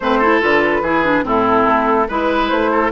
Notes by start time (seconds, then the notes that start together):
0.00 A3 C4 B4 C5
0.18 E4 A4
0.41 D3 F4 B4
0.81 E3 E4 G#4
1.04 D4
1.23 A2 C4 E4 A4
1.65 A3
2.08 G#3 E4 B4
2.48 A3 C5
2.71 A4